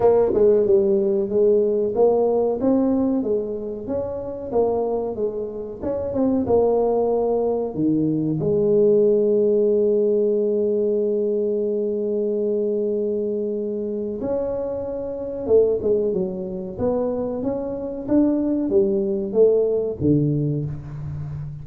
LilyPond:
\new Staff \with { instrumentName = "tuba" } { \time 4/4 \tempo 4 = 93 ais8 gis8 g4 gis4 ais4 | c'4 gis4 cis'4 ais4 | gis4 cis'8 c'8 ais2 | dis4 gis2.~ |
gis1~ | gis2 cis'2 | a8 gis8 fis4 b4 cis'4 | d'4 g4 a4 d4 | }